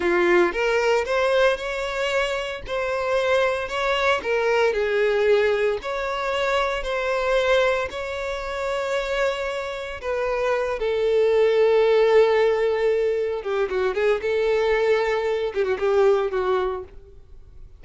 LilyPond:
\new Staff \with { instrumentName = "violin" } { \time 4/4 \tempo 4 = 114 f'4 ais'4 c''4 cis''4~ | cis''4 c''2 cis''4 | ais'4 gis'2 cis''4~ | cis''4 c''2 cis''4~ |
cis''2. b'4~ | b'8 a'2.~ a'8~ | a'4. g'8 fis'8 gis'8 a'4~ | a'4. g'16 fis'16 g'4 fis'4 | }